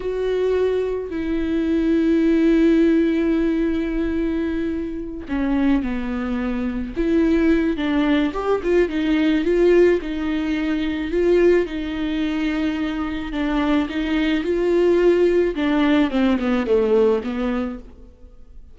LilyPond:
\new Staff \with { instrumentName = "viola" } { \time 4/4 \tempo 4 = 108 fis'2 e'2~ | e'1~ | e'4. cis'4 b4.~ | b8 e'4. d'4 g'8 f'8 |
dis'4 f'4 dis'2 | f'4 dis'2. | d'4 dis'4 f'2 | d'4 c'8 b8 a4 b4 | }